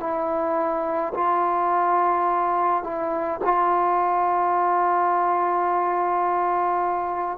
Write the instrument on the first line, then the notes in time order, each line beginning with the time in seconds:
trombone
0.00 E4
1.14 F4
2.83 E4
3.44 F4